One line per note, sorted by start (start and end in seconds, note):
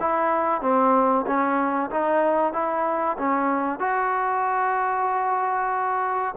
0.00 0.62 E4
0.62 1.26 C4
1.27 1.91 C#4
1.91 2.54 D#4
2.54 3.17 E4
3.19 3.80 C#4
3.80 6.35 F#4